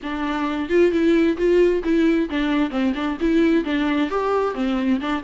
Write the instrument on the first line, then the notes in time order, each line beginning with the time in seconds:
viola
0.02 D4
0.69 F4
0.91 E4
1.37 F4
1.83 E4
2.29 D4
2.70 C4
2.94 D4
3.20 E4
3.64 D4
4.10 G4
4.54 C4
5.00 D4